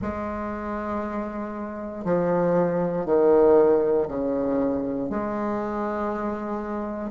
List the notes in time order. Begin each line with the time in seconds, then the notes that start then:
0.01 G#3
2.04 F3
3.05 D#3
4.08 C#3
5.09 G#3